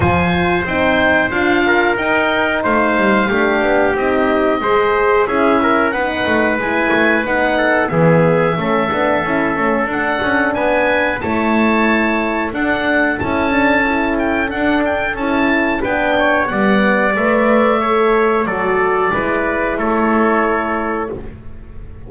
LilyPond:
<<
  \new Staff \with { instrumentName = "oboe" } { \time 4/4 \tempo 4 = 91 gis''4 g''4 f''4 g''4 | f''2 dis''2 | e''4 fis''4 gis''4 fis''4 | e''2. fis''4 |
gis''4 a''2 fis''4 | a''4. g''8 fis''8 g''8 a''4 | g''4 fis''4 e''2 | d''2 cis''2 | }
  \new Staff \with { instrumentName = "trumpet" } { \time 4/4 c''2~ c''8 ais'4. | c''4 g'2 c''4 | gis'8 ais'8 b'2~ b'8 a'8 | gis'4 a'2. |
b'4 cis''2 a'4~ | a'1 | b'8 cis''8 d''2 cis''4 | a'4 b'4 a'2 | }
  \new Staff \with { instrumentName = "horn" } { \time 4/4 f'4 dis'4 f'4 dis'4~ | dis'4 d'4 dis'4 gis'4 | e'4 dis'4 e'4 dis'4 | b4 cis'8 d'8 e'8 cis'8 d'4~ |
d'4 e'2 d'4 | e'8 d'8 e'4 d'4 e'4 | d'4 b4 b'4 a'4 | fis'4 e'2. | }
  \new Staff \with { instrumentName = "double bass" } { \time 4/4 f4 c'4 d'4 dis'4 | a8 g8 a8 b8 c'4 gis4 | cis'4 b8 a8 gis8 a8 b4 | e4 a8 b8 cis'8 a8 d'8 cis'8 |
b4 a2 d'4 | cis'2 d'4 cis'4 | b4 g4 a2 | fis4 gis4 a2 | }
>>